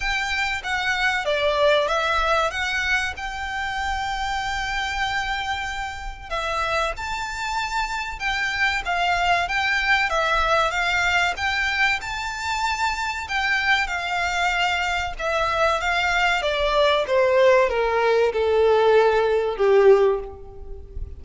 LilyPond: \new Staff \with { instrumentName = "violin" } { \time 4/4 \tempo 4 = 95 g''4 fis''4 d''4 e''4 | fis''4 g''2.~ | g''2 e''4 a''4~ | a''4 g''4 f''4 g''4 |
e''4 f''4 g''4 a''4~ | a''4 g''4 f''2 | e''4 f''4 d''4 c''4 | ais'4 a'2 g'4 | }